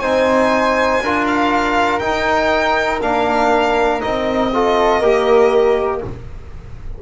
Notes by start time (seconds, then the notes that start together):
0.00 C4 D#4 C5 G#5
1.02 D4 F4 A#4
1.28 F5
1.99 D#4 G5
3.02 A#3 D4 F5
4.01 C4 D#4 D#5
4.53 F4 A4
5.00 A#3 G4 A#4